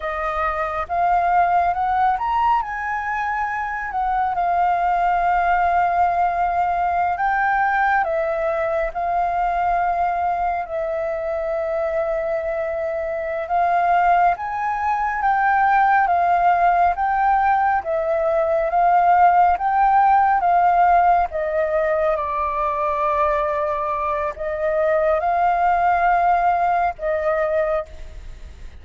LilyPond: \new Staff \with { instrumentName = "flute" } { \time 4/4 \tempo 4 = 69 dis''4 f''4 fis''8 ais''8 gis''4~ | gis''8 fis''8 f''2.~ | f''16 g''4 e''4 f''4.~ f''16~ | f''16 e''2.~ e''16 f''8~ |
f''8 gis''4 g''4 f''4 g''8~ | g''8 e''4 f''4 g''4 f''8~ | f''8 dis''4 d''2~ d''8 | dis''4 f''2 dis''4 | }